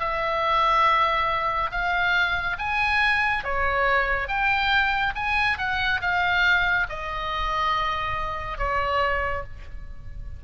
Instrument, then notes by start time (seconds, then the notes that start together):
oboe
0.00 E5
1.71 F5
2.59 G#5
3.44 C#5
4.29 G5
5.15 G#5
5.58 F#5
6.02 F5
6.90 D#5
8.58 C#5